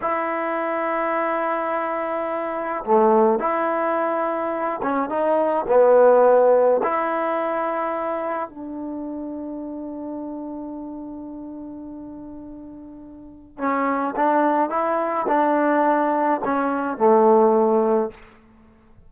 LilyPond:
\new Staff \with { instrumentName = "trombone" } { \time 4/4 \tempo 4 = 106 e'1~ | e'4 a4 e'2~ | e'8 cis'8 dis'4 b2 | e'2. d'4~ |
d'1~ | d'1 | cis'4 d'4 e'4 d'4~ | d'4 cis'4 a2 | }